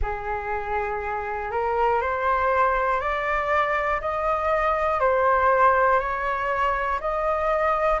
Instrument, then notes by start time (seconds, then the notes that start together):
flute
0.01 G#4
1.50 A#4
2.01 C5
3.00 D5
4.00 D#5
5.00 C5
6.00 C#5
7.00 D#5